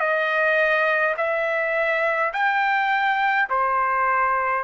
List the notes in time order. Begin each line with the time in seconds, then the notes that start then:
0.00 D#5
1.17 E5
2.33 G5
3.50 C5